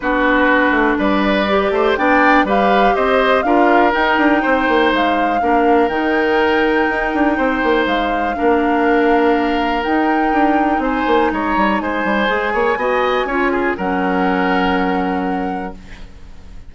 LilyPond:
<<
  \new Staff \with { instrumentName = "flute" } { \time 4/4 \tempo 4 = 122 b'2 d''2 | g''4 f''4 dis''4 f''4 | g''2 f''2 | g''1 |
f''1 | g''2 gis''4 ais''4 | gis''1 | fis''1 | }
  \new Staff \with { instrumentName = "oboe" } { \time 4/4 fis'2 b'4. c''8 | d''4 b'4 c''4 ais'4~ | ais'4 c''2 ais'4~ | ais'2. c''4~ |
c''4 ais'2.~ | ais'2 c''4 cis''4 | c''4. cis''8 dis''4 cis''8 gis'8 | ais'1 | }
  \new Staff \with { instrumentName = "clarinet" } { \time 4/4 d'2. g'4 | d'4 g'2 f'4 | dis'2. d'4 | dis'1~ |
dis'4 d'2. | dis'1~ | dis'4 gis'4 fis'4 f'4 | cis'1 | }
  \new Staff \with { instrumentName = "bassoon" } { \time 4/4 b4. a8 g4. a8 | b4 g4 c'4 d'4 | dis'8 d'8 c'8 ais8 gis4 ais4 | dis2 dis'8 d'8 c'8 ais8 |
gis4 ais2. | dis'4 d'4 c'8 ais8 gis8 g8 | gis8 g8 gis8 ais8 b4 cis'4 | fis1 | }
>>